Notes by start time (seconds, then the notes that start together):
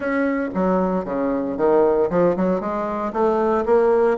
0.00 C#4
0.54 F#3
1.04 C#3
1.57 D#3
2.10 F3
2.36 F#3
2.60 G#3
3.12 A3
3.65 A#3